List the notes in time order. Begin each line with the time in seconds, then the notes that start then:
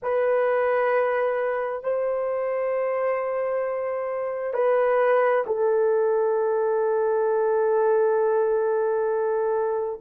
0.02 B4
1.83 C5
4.53 B4
5.46 A4